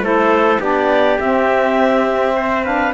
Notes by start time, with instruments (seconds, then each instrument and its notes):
0.00 cello A3, saxophone E4, trumpet A4, clarinet C5
0.60 cello B3, saxophone D4, trumpet G4, clarinet D5
1.20 cello C4, saxophone C4, clarinet E5
2.36 trumpet C5
2.64 saxophone D4, trumpet B4, clarinet F5